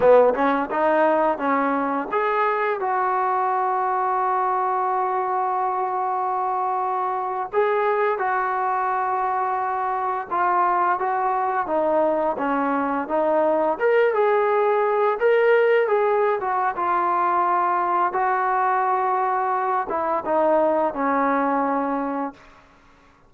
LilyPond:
\new Staff \with { instrumentName = "trombone" } { \time 4/4 \tempo 4 = 86 b8 cis'8 dis'4 cis'4 gis'4 | fis'1~ | fis'2~ fis'8. gis'4 fis'16~ | fis'2~ fis'8. f'4 fis'16~ |
fis'8. dis'4 cis'4 dis'4 ais'16~ | ais'16 gis'4. ais'4 gis'8. fis'8 | f'2 fis'2~ | fis'8 e'8 dis'4 cis'2 | }